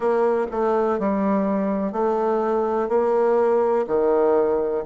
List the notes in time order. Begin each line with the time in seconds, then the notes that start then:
0.00 A#3
0.51 A3
0.99 G3
1.92 A3
2.89 A#3
3.87 D#3